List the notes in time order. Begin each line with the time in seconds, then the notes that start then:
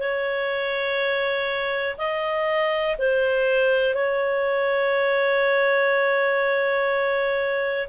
0.00 C#5
1.98 D#5
2.99 C5
3.95 C#5